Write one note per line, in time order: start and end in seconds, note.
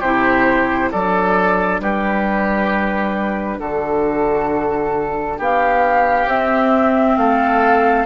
0.00 0.91 C3
0.00 0.94 E4
0.00 0.90 G4
0.00 0.91 C5
0.92 1.80 F#3
0.92 6.29 D4
0.92 1.81 A4
0.92 1.81 D5
1.80 3.59 G3
1.80 3.58 G4
1.80 3.60 B4
3.58 5.39 D3
3.58 5.37 F#4
3.58 5.39 A4
5.37 6.26 B3
5.37 7.16 G4
5.37 6.29 F5
6.26 7.16 C4
6.26 8.07 C4
6.26 7.17 E5
7.17 8.07 A3
7.17 8.07 A4
7.17 8.07 F5